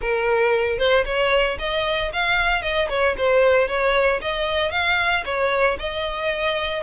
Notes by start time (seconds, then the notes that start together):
0.01 A#4
0.78 C5
1.05 C#5
1.59 D#5
2.12 F5
2.62 D#5
2.89 C#5
3.17 C5
3.67 C#5
4.21 D#5
4.71 F5
5.25 C#5
5.79 D#5